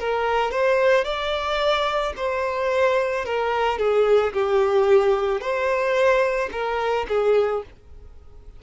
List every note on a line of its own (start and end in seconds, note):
0.00 0.52 A#4
0.52 1.05 C5
1.05 2.14 D5
2.17 3.25 C5
3.25 3.79 A#4
3.79 4.33 G#4
4.33 5.41 G4
5.41 6.50 C5
6.53 7.07 A#4
7.09 7.63 G#4